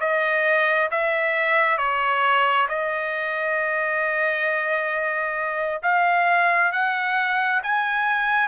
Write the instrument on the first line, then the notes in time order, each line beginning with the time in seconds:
trumpet
0.00 D#5
0.90 E5
1.77 C#5
2.68 D#5
5.82 F5
6.72 F#5
7.63 G#5